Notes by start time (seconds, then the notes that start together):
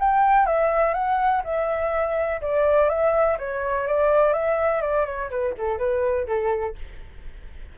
0.00 G5
0.46 E5
0.94 F#5
1.45 E5
2.41 D5
2.89 E5
3.39 C#5
3.87 D5
4.33 E5
4.82 D5
5.05 C#5
5.30 B4
5.58 A4
5.78 B4
6.27 A4